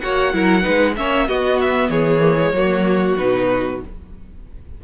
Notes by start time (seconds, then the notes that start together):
0.00 A#3 F#4 C#5 F#5
0.33 F#3 E4 A#4
0.62 G#3 D#4 B4
0.96 A#3 C#4 C#5 E5
1.28 B3 F#4 D#5
1.61 E5
1.89 E3 G#4 C#5
2.20 A#3
2.39 G#3
2.52 F#3 A#3 F#4
3.18 B2 D#4 B4